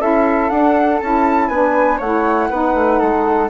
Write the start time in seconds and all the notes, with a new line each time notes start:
0.00 C#4 E4 A4 E5
0.49 D4 F#5
1.00 C#4 E4 A5
1.49 B3 D4 B4 G#5
1.98 A3 E4 C#5 F#5
2.50 B3 D#4 B4
2.74 A3
2.99 G#3 A4